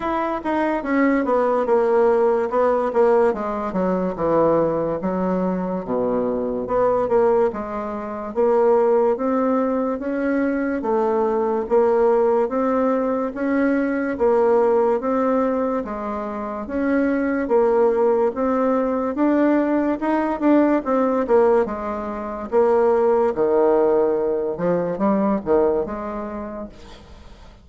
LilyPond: \new Staff \with { instrumentName = "bassoon" } { \time 4/4 \tempo 4 = 72 e'8 dis'8 cis'8 b8 ais4 b8 ais8 | gis8 fis8 e4 fis4 b,4 | b8 ais8 gis4 ais4 c'4 | cis'4 a4 ais4 c'4 |
cis'4 ais4 c'4 gis4 | cis'4 ais4 c'4 d'4 | dis'8 d'8 c'8 ais8 gis4 ais4 | dis4. f8 g8 dis8 gis4 | }